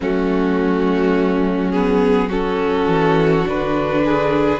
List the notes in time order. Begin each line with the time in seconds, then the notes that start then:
0.00 F#3 A3 C#4 F#4
1.71 B3 G#4
2.28 C#4 F#4 A4
2.86 E3
3.44 D3 D4 B4
4.05 G#4